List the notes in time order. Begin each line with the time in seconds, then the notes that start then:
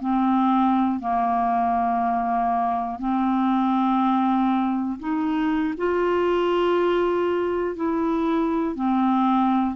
0.00 C4
1.00 A#3
2.99 C4
4.99 D#4
5.77 F4
7.75 E4
8.75 C4